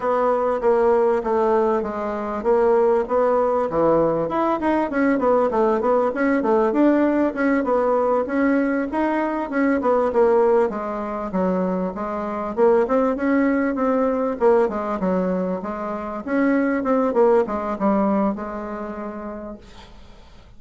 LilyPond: \new Staff \with { instrumentName = "bassoon" } { \time 4/4 \tempo 4 = 98 b4 ais4 a4 gis4 | ais4 b4 e4 e'8 dis'8 | cis'8 b8 a8 b8 cis'8 a8 d'4 | cis'8 b4 cis'4 dis'4 cis'8 |
b8 ais4 gis4 fis4 gis8~ | gis8 ais8 c'8 cis'4 c'4 ais8 | gis8 fis4 gis4 cis'4 c'8 | ais8 gis8 g4 gis2 | }